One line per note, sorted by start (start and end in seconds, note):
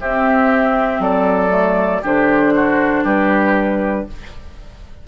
0.00 0.99 C4
0.00 1.49 C4
0.00 1.01 G4
0.00 1.02 E5
0.99 2.01 F#3
0.99 2.02 A4
0.99 2.04 D5
1.49 2.00 A3
2.02 3.04 D3
2.02 4.08 D4
2.02 2.53 G4
2.02 3.06 C5
2.55 3.04 F#4
3.04 4.06 G3
3.04 4.06 G4
3.04 4.07 B4